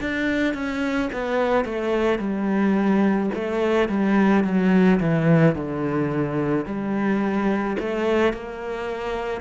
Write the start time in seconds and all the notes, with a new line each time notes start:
0.00 D4
0.54 C#4
1.13 B3
1.65 A3
2.19 G3
3.34 A3
3.88 G3
4.44 F#3
5.00 E3
5.55 D3
6.66 G3
7.79 A3
8.33 A#3